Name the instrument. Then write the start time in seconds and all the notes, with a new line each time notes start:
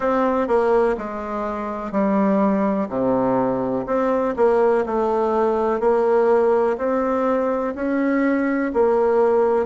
bassoon
0.00 C4
0.48 A#3
0.97 G#3
1.91 G3
2.89 C3
3.86 C4
4.36 A#3
4.86 A3
5.80 A#3
6.77 C4
7.75 C#4
8.73 A#3